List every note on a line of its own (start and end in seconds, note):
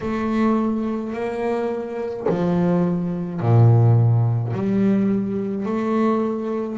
0.01 1.13 A3
1.13 2.26 A#3
2.28 3.40 F3
3.40 4.52 A#2
4.52 5.66 G3
5.66 6.78 A3